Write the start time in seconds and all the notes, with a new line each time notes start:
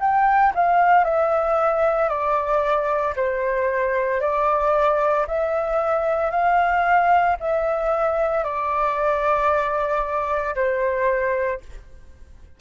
0.00 G5
0.55 F5
1.04 E5
2.09 D5
3.16 C5
4.21 D5
5.27 E5
6.31 F5
7.40 E5
8.44 D5
10.55 C5